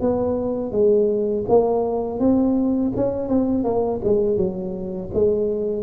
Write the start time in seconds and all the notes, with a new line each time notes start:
0.00 B3
0.72 G#3
1.48 A#3
2.19 C4
2.96 C#4
3.28 C4
3.64 A#3
4.04 G#3
4.36 F#3
5.14 G#3